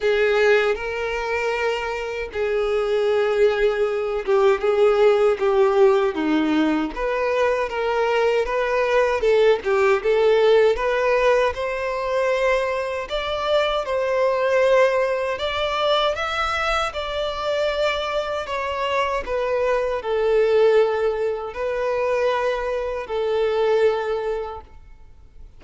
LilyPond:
\new Staff \with { instrumentName = "violin" } { \time 4/4 \tempo 4 = 78 gis'4 ais'2 gis'4~ | gis'4. g'8 gis'4 g'4 | dis'4 b'4 ais'4 b'4 | a'8 g'8 a'4 b'4 c''4~ |
c''4 d''4 c''2 | d''4 e''4 d''2 | cis''4 b'4 a'2 | b'2 a'2 | }